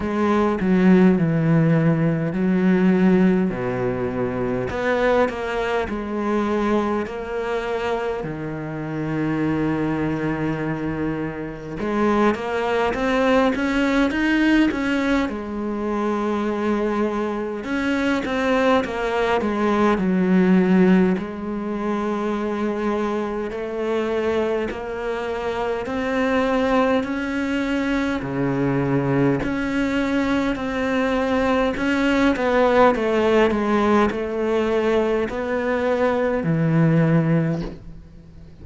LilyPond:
\new Staff \with { instrumentName = "cello" } { \time 4/4 \tempo 4 = 51 gis8 fis8 e4 fis4 b,4 | b8 ais8 gis4 ais4 dis4~ | dis2 gis8 ais8 c'8 cis'8 | dis'8 cis'8 gis2 cis'8 c'8 |
ais8 gis8 fis4 gis2 | a4 ais4 c'4 cis'4 | cis4 cis'4 c'4 cis'8 b8 | a8 gis8 a4 b4 e4 | }